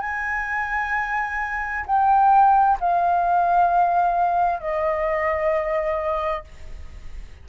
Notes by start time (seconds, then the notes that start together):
0.00 G#5
1.85 G5
2.80 F5
4.59 D#5